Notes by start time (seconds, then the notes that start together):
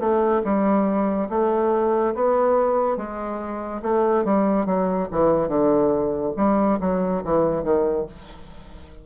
0.00 A3
0.45 G3
1.30 A3
2.15 B3
2.97 G#3
3.83 A3
4.25 G3
4.66 F#3
5.12 E3
5.49 D3
6.37 G3
6.81 F#3
7.24 E3
7.64 D#3